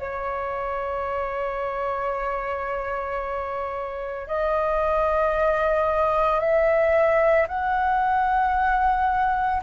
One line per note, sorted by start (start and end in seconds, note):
0.00 4.28 C#5
4.28 6.40 D#5
6.40 7.47 E5
7.48 9.62 F#5